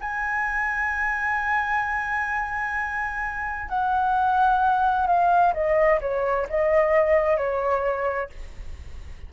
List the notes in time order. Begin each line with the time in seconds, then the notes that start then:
0.00 G#5
3.68 F#5
5.07 F5
5.53 D#5
6.00 C#5
6.49 D#5
7.37 C#5